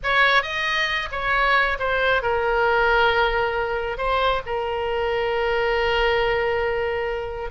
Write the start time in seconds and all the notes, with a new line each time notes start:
0.03 C#5
0.42 D#5
1.11 C#5
1.79 C5
2.22 A#4
3.97 C5
4.46 A#4